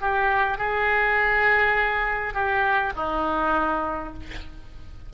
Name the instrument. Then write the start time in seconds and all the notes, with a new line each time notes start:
oboe
0.00 G4
0.57 G#4
2.33 G4
2.96 D#4